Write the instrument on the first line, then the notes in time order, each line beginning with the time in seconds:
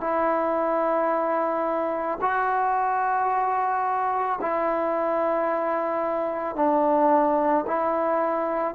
trombone
0.00 E4
2.21 F#4
4.41 E4
6.56 D4
7.67 E4